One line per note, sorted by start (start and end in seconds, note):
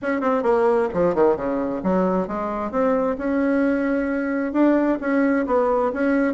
0.02 0.20 C#4
0.20 0.42 C4
0.42 0.88 A#3
0.93 1.14 F3
1.14 1.36 D#3
1.36 1.81 C#3
1.83 2.27 F#3
2.27 2.71 G#3
2.71 3.16 C4
3.18 4.52 C#4
4.52 4.98 D4
5.00 5.46 C#4
5.46 5.92 B3
5.93 6.33 C#4